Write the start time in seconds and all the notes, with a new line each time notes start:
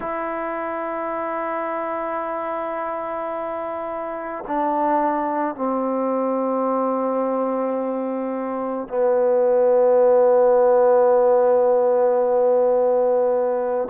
0.00 E4
4.47 D4
5.55 C4
8.88 B3